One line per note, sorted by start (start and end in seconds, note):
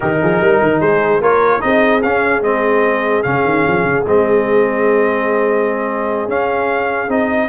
0.00 0.22 D#3
0.00 1.22 D#4
0.00 0.18 G4
0.00 0.80 A#4
0.22 0.40 F3
0.22 0.41 G#4
0.40 0.61 G3
0.40 0.81 A#4
0.61 0.81 D#3
0.80 1.21 G#3
0.80 1.21 G#4
0.80 1.21 C5
1.21 1.61 A#3
1.21 1.60 F4
1.21 1.61 A#4
1.21 1.61 C#5
1.60 2.03 C4
1.60 2.00 D#4
1.60 7.48 G#4
1.60 2.01 D#5
2.02 2.41 C#4
2.02 2.43 C#4
2.02 2.43 F5
2.41 3.22 G#3
2.41 3.24 C4
2.41 3.22 D#5
3.22 3.44 C#3
3.22 4.05 C#4
3.22 4.04 F5
3.44 3.64 D#3
3.67 3.83 F3
3.83 4.03 C#3
4.06 6.28 G#3
4.06 6.28 C4
4.06 6.30 D#5
6.28 7.08 C#4
6.28 7.10 F5
7.08 7.48 C4
7.08 7.48 D#4
7.08 7.48 D#5